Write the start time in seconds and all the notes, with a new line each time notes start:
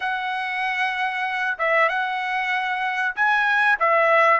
0.00 F#5
1.58 E5
1.88 F#5
3.15 G#5
3.79 E5